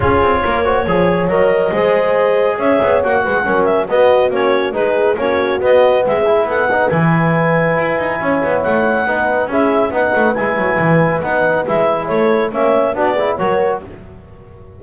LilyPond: <<
  \new Staff \with { instrumentName = "clarinet" } { \time 4/4 \tempo 4 = 139 cis''2. dis''4~ | dis''2 e''4 fis''4~ | fis''8 e''8 dis''4 cis''4 b'4 | cis''4 dis''4 e''4 fis''4 |
gis''1 | fis''2 e''4 fis''4 | gis''2 fis''4 e''4 | cis''4 e''4 d''4 cis''4 | }
  \new Staff \with { instrumentName = "horn" } { \time 4/4 gis'4 ais'8 c''8 cis''2 | c''2 cis''4. b'8 | ais'4 fis'2 gis'4 | fis'2 gis'4 a'8 b'8~ |
b'2. cis''4~ | cis''4 b'4 gis'4 b'4~ | b'1 | a'4 cis''4 fis'8 gis'8 ais'4 | }
  \new Staff \with { instrumentName = "trombone" } { \time 4/4 f'4. fis'8 gis'4 ais'4 | gis'2. fis'4 | cis'4 b4 cis'4 dis'4 | cis'4 b4. e'4 dis'8 |
e'1~ | e'4 dis'4 e'4 dis'4 | e'2 dis'4 e'4~ | e'4 cis'4 d'8 e'8 fis'4 | }
  \new Staff \with { instrumentName = "double bass" } { \time 4/4 cis'8 c'8 ais4 f4 fis4 | gis2 cis'8 b8 ais8 gis8 | fis4 b4 ais4 gis4 | ais4 b4 gis4 b4 |
e2 e'8 dis'8 cis'8 b8 | a4 b4 cis'4 b8 a8 | gis8 fis8 e4 b4 gis4 | a4 ais4 b4 fis4 | }
>>